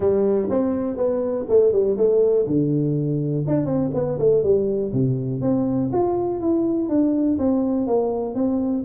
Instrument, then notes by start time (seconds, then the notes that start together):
tuba
0.00 G3
0.50 C4
0.96 B3
1.48 A3
1.72 G3
1.97 A3
2.46 D3
3.47 D4
3.65 C4
3.93 B3
4.18 A3
4.43 G3
4.92 C3
5.41 C4
5.92 F4
6.40 E4
6.89 D4
7.38 C4
7.86 A#3
8.34 C4